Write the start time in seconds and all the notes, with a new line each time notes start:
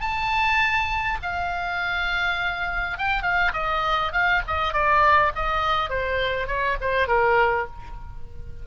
0.00 A5
1.22 F5
2.97 G5
3.22 F5
3.53 D#5
4.12 F5
4.47 D#5
4.73 D5
5.35 D#5
5.89 C5
6.47 C#5
6.80 C5
7.07 A#4